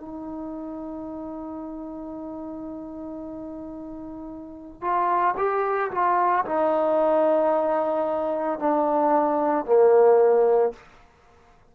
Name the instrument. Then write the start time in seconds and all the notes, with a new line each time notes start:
trombone
0.00 D#4
4.82 F4
5.38 G4
5.91 F4
6.45 D#4
8.60 D4
9.66 A#3